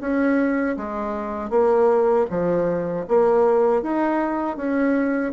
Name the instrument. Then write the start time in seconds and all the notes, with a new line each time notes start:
bassoon
0.00 C#4
0.77 G#3
1.50 A#3
2.30 F3
3.08 A#3
3.82 D#4
4.57 C#4